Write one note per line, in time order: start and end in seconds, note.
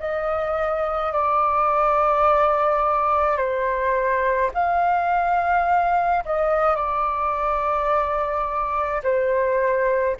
0.00 1.13 D#5
1.13 3.38 D5
3.38 4.51 C5
4.54 6.24 F5
6.25 6.76 D#5
6.76 9.02 D5
9.04 10.17 C5